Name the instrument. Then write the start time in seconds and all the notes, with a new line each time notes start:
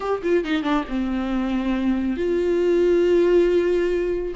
viola
0.00 G4
0.22 F4
0.44 D#4
0.62 D4
0.89 C4
2.16 F4